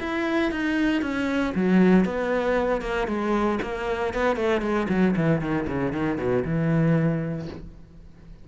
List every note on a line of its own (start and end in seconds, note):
0.00 0.51 E4
0.51 1.02 D#4
1.02 1.54 C#4
1.55 2.05 F#3
2.05 2.82 B3
2.82 3.08 A#3
3.08 3.59 G#3
3.62 4.14 A#3
4.14 4.36 B3
4.36 4.61 A3
4.61 4.87 G#3
4.89 5.15 F#3
5.16 5.41 E3
5.41 5.67 D#3
5.68 5.93 C#3
5.93 6.18 D#3
6.18 6.44 B2
6.45 7.48 E3